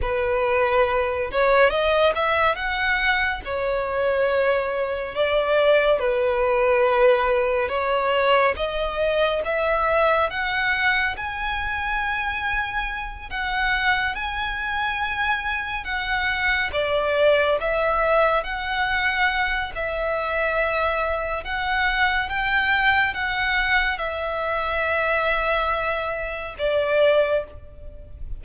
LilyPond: \new Staff \with { instrumentName = "violin" } { \time 4/4 \tempo 4 = 70 b'4. cis''8 dis''8 e''8 fis''4 | cis''2 d''4 b'4~ | b'4 cis''4 dis''4 e''4 | fis''4 gis''2~ gis''8 fis''8~ |
fis''8 gis''2 fis''4 d''8~ | d''8 e''4 fis''4. e''4~ | e''4 fis''4 g''4 fis''4 | e''2. d''4 | }